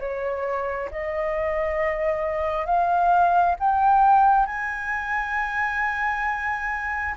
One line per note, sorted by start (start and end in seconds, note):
0.00 0.90 C#5
0.92 2.66 D#5
2.66 3.55 F5
3.59 4.47 G5
4.47 7.15 G#5